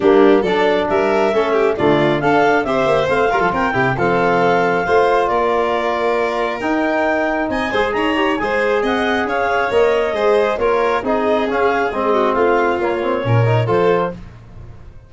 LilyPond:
<<
  \new Staff \with { instrumentName = "clarinet" } { \time 4/4 \tempo 4 = 136 g'4 d''4 e''2 | d''4 f''4 e''4 f''4 | g''4 f''2. | d''2. g''4~ |
g''4 gis''4 ais''4 gis''4 | fis''4 f''4 dis''2 | cis''4 dis''4 f''4 dis''4 | f''4 cis''2 c''4 | }
  \new Staff \with { instrumentName = "violin" } { \time 4/4 d'4 a'4 ais'4 a'8 g'8 | f'4 a'4 c''4. ais'16 a'16 | ais'8 g'8 a'2 c''4 | ais'1~ |
ais'4 dis''8 c''8 cis''4 c''4 | dis''4 cis''2 c''4 | ais'4 gis'2~ gis'8 fis'8 | f'2 ais'4 a'4 | }
  \new Staff \with { instrumentName = "trombone" } { \time 4/4 ais4 d'2 cis'4 | a4 d'4 g'4 c'8 f'8~ | f'8 e'8 c'2 f'4~ | f'2. dis'4~ |
dis'4. gis'4 g'8 gis'4~ | gis'2 ais'4 gis'4 | f'4 dis'4 cis'4 c'4~ | c'4 ais8 c'8 cis'8 dis'8 f'4 | }
  \new Staff \with { instrumentName = "tuba" } { \time 4/4 g4 fis4 g4 a4 | d4 d'4 c'8 ais8 a8 g16 f16 | c'8 c8 f2 a4 | ais2. dis'4~ |
dis'4 c'8 gis8 dis'4 gis4 | c'4 cis'4 ais4 gis4 | ais4 c'4 cis'4 gis4 | a4 ais4 ais,4 f4 | }
>>